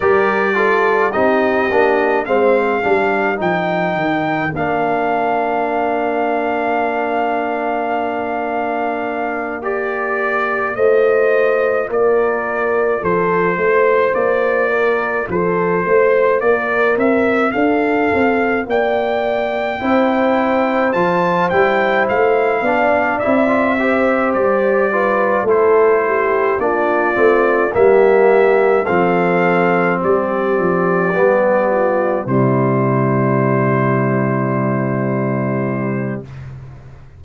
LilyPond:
<<
  \new Staff \with { instrumentName = "trumpet" } { \time 4/4 \tempo 4 = 53 d''4 dis''4 f''4 g''4 | f''1~ | f''8 d''4 dis''4 d''4 c''8~ | c''8 d''4 c''4 d''8 e''8 f''8~ |
f''8 g''2 a''8 g''8 f''8~ | f''8 e''4 d''4 c''4 d''8~ | d''8 e''4 f''4 d''4.~ | d''8 c''2.~ c''8 | }
  \new Staff \with { instrumentName = "horn" } { \time 4/4 ais'8 a'8 g'4 c''8 ais'4.~ | ais'1~ | ais'4. c''4 ais'4 a'8 | c''4 ais'8 a'8 c''8 ais'4 a'8~ |
a'8 d''4 c''2~ c''8 | d''4 c''4 b'8 a'8 g'8 f'8~ | f'8 g'4 a'4 g'4. | f'8 e'2.~ e'8 | }
  \new Staff \with { instrumentName = "trombone" } { \time 4/4 g'8 f'8 dis'8 d'8 c'8 d'8 dis'4 | d'1~ | d'8 g'4 f'2~ f'8~ | f'1~ |
f'4. e'4 f'8 e'4 | d'8 e'16 f'16 g'4 f'8 e'4 d'8 | c'8 ais4 c'2 b8~ | b8 g2.~ g8 | }
  \new Staff \with { instrumentName = "tuba" } { \time 4/4 g4 c'8 ais8 gis8 g8 f8 dis8 | ais1~ | ais4. a4 ais4 f8 | a8 ais4 f8 a8 ais8 c'8 d'8 |
c'8 ais4 c'4 f8 g8 a8 | b8 c'4 g4 a4 ais8 | a8 g4 f4 g8 f8 g8~ | g8 c2.~ c8 | }
>>